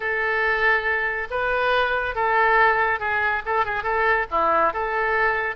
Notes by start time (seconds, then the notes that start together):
0.00 A4
1.30 B4
2.15 A4
2.99 G#4
3.45 A4
3.65 G#4
3.83 A4
4.30 E4
4.73 A4